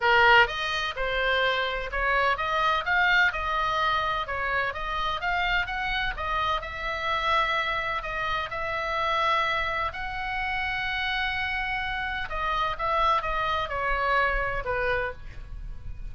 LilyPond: \new Staff \with { instrumentName = "oboe" } { \time 4/4 \tempo 4 = 127 ais'4 dis''4 c''2 | cis''4 dis''4 f''4 dis''4~ | dis''4 cis''4 dis''4 f''4 | fis''4 dis''4 e''2~ |
e''4 dis''4 e''2~ | e''4 fis''2.~ | fis''2 dis''4 e''4 | dis''4 cis''2 b'4 | }